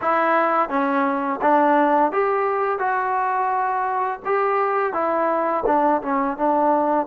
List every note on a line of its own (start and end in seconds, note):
0.01 0.69 E4
0.69 1.39 C#4
1.41 2.12 D4
2.12 2.78 G4
2.78 4.19 F#4
4.25 4.93 G4
4.93 5.63 E4
5.66 6.01 D4
6.02 6.37 C#4
6.37 7.06 D4